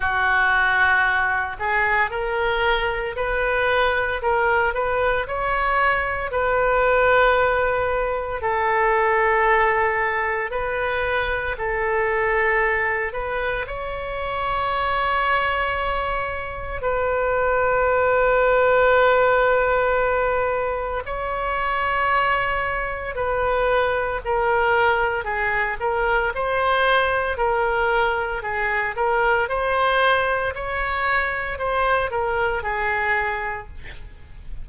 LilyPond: \new Staff \with { instrumentName = "oboe" } { \time 4/4 \tempo 4 = 57 fis'4. gis'8 ais'4 b'4 | ais'8 b'8 cis''4 b'2 | a'2 b'4 a'4~ | a'8 b'8 cis''2. |
b'1 | cis''2 b'4 ais'4 | gis'8 ais'8 c''4 ais'4 gis'8 ais'8 | c''4 cis''4 c''8 ais'8 gis'4 | }